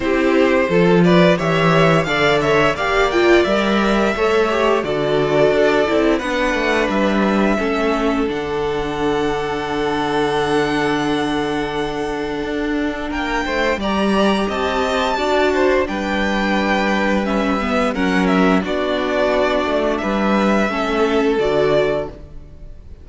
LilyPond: <<
  \new Staff \with { instrumentName = "violin" } { \time 4/4 \tempo 4 = 87 c''4. d''8 e''4 f''8 e''8 | f''8 g''8 e''2 d''4~ | d''4 fis''4 e''2 | fis''1~ |
fis''2. g''4 | ais''4 a''2 g''4~ | g''4 e''4 fis''8 e''8 d''4~ | d''4 e''2 d''4 | }
  \new Staff \with { instrumentName = "violin" } { \time 4/4 g'4 a'8 b'8 cis''4 d''8 cis''8 | d''2 cis''4 a'4~ | a'4 b'2 a'4~ | a'1~ |
a'2. ais'8 c''8 | d''4 dis''4 d''8 c''8 b'4~ | b'2 ais'4 fis'4~ | fis'4 b'4 a'2 | }
  \new Staff \with { instrumentName = "viola" } { \time 4/4 e'4 f'4 g'4 a'4 | g'8 f'8 ais'4 a'8 g'8 fis'4~ | fis'8 e'8 d'2 cis'4 | d'1~ |
d'1 | g'2 fis'4 d'4~ | d'4 cis'8 b8 cis'4 d'4~ | d'2 cis'4 fis'4 | }
  \new Staff \with { instrumentName = "cello" } { \time 4/4 c'4 f4 e4 d4 | ais4 g4 a4 d4 | d'8 c'8 b8 a8 g4 a4 | d1~ |
d2 d'4 ais8 a8 | g4 c'4 d'4 g4~ | g2 fis4 b4~ | b8 a8 g4 a4 d4 | }
>>